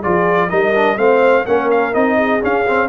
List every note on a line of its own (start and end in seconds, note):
0.00 0.52 F3
0.00 0.49 F4
0.00 0.48 G#4
0.00 0.50 D5
0.49 0.97 G3
0.49 0.73 D#4
0.49 0.97 A#4
0.49 0.98 D#5
0.74 0.98 D4
0.97 1.45 A3
0.97 1.46 C4
0.97 1.46 C5
0.97 1.46 F5
1.46 1.95 A#3
1.46 1.93 C#4
1.46 2.16 A#4
1.46 1.70 F#5
1.71 1.94 F5
1.93 2.43 C4
1.93 2.41 D#4
1.93 2.42 D#5
2.16 2.88 G#4
2.42 2.66 C#4
2.42 2.88 C#4
2.42 2.88 F5
2.67 2.88 C4